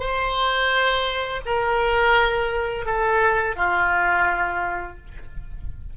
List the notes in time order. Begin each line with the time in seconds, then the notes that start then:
0.00 C5
1.46 A#4
2.86 A4
3.56 F4